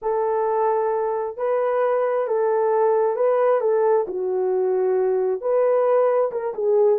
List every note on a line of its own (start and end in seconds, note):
0.02 1.37 A4
1.37 2.27 B4
2.27 3.15 A4
3.15 3.60 B4
3.60 4.06 A4
4.07 5.41 F#4
5.41 6.31 B4
6.31 6.54 A#4
6.54 6.99 G#4